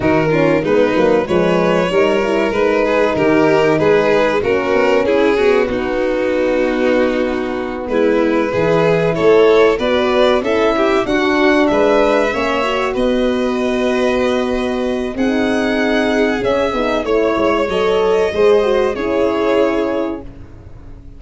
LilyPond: <<
  \new Staff \with { instrumentName = "violin" } { \time 4/4 \tempo 4 = 95 ais'4 b'4 cis''2 | b'4 ais'4 b'4 ais'4 | gis'4 fis'2.~ | fis'8 b'2 cis''4 d''8~ |
d''8 e''4 fis''4 e''4.~ | e''8 dis''2.~ dis''8 | fis''2 e''4 cis''4 | dis''2 cis''2 | }
  \new Staff \with { instrumentName = "violin" } { \time 4/4 fis'8 f'8 dis'4 b'4 ais'4~ | ais'8 gis'8 g'4 gis'4 fis'4 | e'8 fis'8 dis'2.~ | dis'8 e'4 gis'4 a'4 b'8~ |
b'8 a'8 g'8 fis'4 b'4 cis''8~ | cis''8 b'2.~ b'8 | gis'2. cis''4~ | cis''4 c''4 gis'2 | }
  \new Staff \with { instrumentName = "horn" } { \time 4/4 dis'8 cis'8 b8 ais8 gis4 dis'8 e'8 | dis'2. cis'4~ | cis'8 b2.~ b8~ | b4. e'2 fis'8~ |
fis'8 e'4 d'2 cis'8 | fis'1 | dis'2 cis'8 dis'8 e'4 | a'4 gis'8 fis'8 e'2 | }
  \new Staff \with { instrumentName = "tuba" } { \time 4/4 dis4 gis8 fis8 f4 g4 | gis4 dis4 gis4 ais8 b8 | cis'4 b2.~ | b8 gis4 e4 a4 b8~ |
b8 cis'4 d'4 gis4 ais8~ | ais8 b2.~ b8 | c'2 cis'8 b8 a8 gis8 | fis4 gis4 cis'2 | }
>>